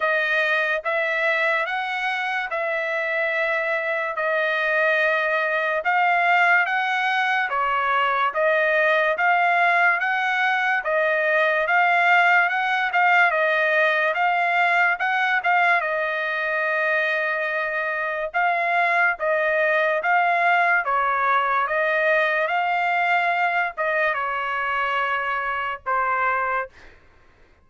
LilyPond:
\new Staff \with { instrumentName = "trumpet" } { \time 4/4 \tempo 4 = 72 dis''4 e''4 fis''4 e''4~ | e''4 dis''2 f''4 | fis''4 cis''4 dis''4 f''4 | fis''4 dis''4 f''4 fis''8 f''8 |
dis''4 f''4 fis''8 f''8 dis''4~ | dis''2 f''4 dis''4 | f''4 cis''4 dis''4 f''4~ | f''8 dis''8 cis''2 c''4 | }